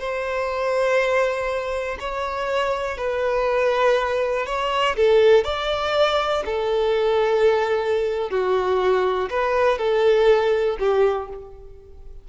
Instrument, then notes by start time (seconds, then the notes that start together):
violin
0.00 C5
2.00 C#5
2.98 B4
4.47 C#5
4.97 A4
5.45 D5
6.46 A4
8.30 F#4
9.30 B4
9.78 A4
10.80 G4